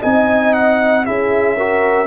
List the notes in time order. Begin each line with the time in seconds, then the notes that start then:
0.00 C4 D#4 D#5 G#5
0.53 F#5
1.05 C#4 E4 G#4 E5
1.56 F#4 A#4